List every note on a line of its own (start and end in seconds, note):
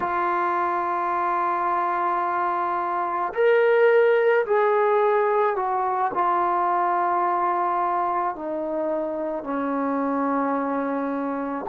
0.00 3.33 F4
3.33 4.44 A#4
4.45 5.56 G#4
5.56 6.11 F#4
6.14 8.35 F4
8.35 9.43 D#4
9.43 11.65 C#4